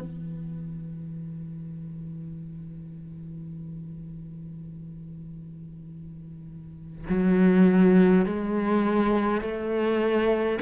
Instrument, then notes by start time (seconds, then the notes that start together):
cello
0.00 E3
7.10 F#3
8.26 G#3
9.42 A3